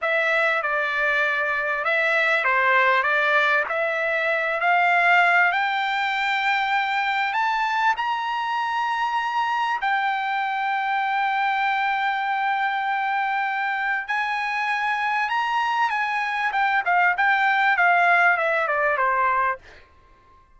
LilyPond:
\new Staff \with { instrumentName = "trumpet" } { \time 4/4 \tempo 4 = 98 e''4 d''2 e''4 | c''4 d''4 e''4. f''8~ | f''4 g''2. | a''4 ais''2. |
g''1~ | g''2. gis''4~ | gis''4 ais''4 gis''4 g''8 f''8 | g''4 f''4 e''8 d''8 c''4 | }